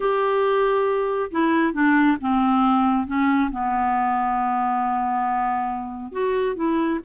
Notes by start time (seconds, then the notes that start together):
0.00 G4
1.31 E4
1.73 D4
2.21 C4
3.06 C#4
3.51 B3
6.12 F#4
6.55 E4